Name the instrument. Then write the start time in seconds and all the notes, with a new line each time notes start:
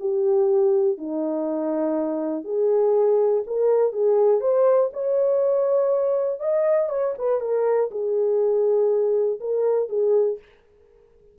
horn
0.00 G4
0.98 D#4
2.45 G#4
3.47 A#4
3.93 G#4
4.41 C5
4.93 C#5
6.40 D#5
6.90 C#5
7.19 B4
7.41 A#4
7.91 G#4
9.41 A#4
9.89 G#4